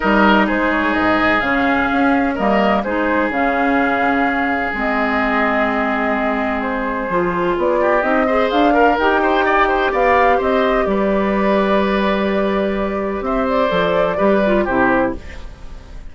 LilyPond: <<
  \new Staff \with { instrumentName = "flute" } { \time 4/4 \tempo 4 = 127 dis''4 c''8 cis''8 dis''4 f''4~ | f''4 dis''4 c''4 f''4~ | f''2 dis''2~ | dis''2 c''2 |
d''4 dis''4 f''4 g''4~ | g''4 f''4 dis''4 d''4~ | d''1 | e''8 d''2~ d''8 c''4 | }
  \new Staff \with { instrumentName = "oboe" } { \time 4/4 ais'4 gis'2.~ | gis'4 ais'4 gis'2~ | gis'1~ | gis'1~ |
gis'8 g'4 c''4 ais'4 c''8 | d''8 c''8 d''4 c''4 b'4~ | b'1 | c''2 b'4 g'4 | }
  \new Staff \with { instrumentName = "clarinet" } { \time 4/4 dis'2. cis'4~ | cis'4 ais4 dis'4 cis'4~ | cis'2 c'2~ | c'2. f'4~ |
f'4 dis'8 gis'4 ais'8 g'4~ | g'1~ | g'1~ | g'4 a'4 g'8 f'8 e'4 | }
  \new Staff \with { instrumentName = "bassoon" } { \time 4/4 g4 gis4 gis,4 cis4 | cis'4 g4 gis4 cis4~ | cis2 gis2~ | gis2. f4 |
b4 c'4 d'4 dis'4~ | dis'4 b4 c'4 g4~ | g1 | c'4 f4 g4 c4 | }
>>